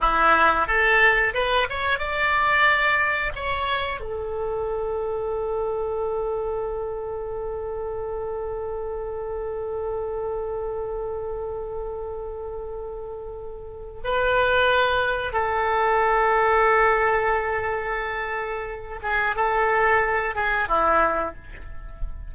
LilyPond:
\new Staff \with { instrumentName = "oboe" } { \time 4/4 \tempo 4 = 90 e'4 a'4 b'8 cis''8 d''4~ | d''4 cis''4 a'2~ | a'1~ | a'1~ |
a'1~ | a'4 b'2 a'4~ | a'1~ | a'8 gis'8 a'4. gis'8 e'4 | }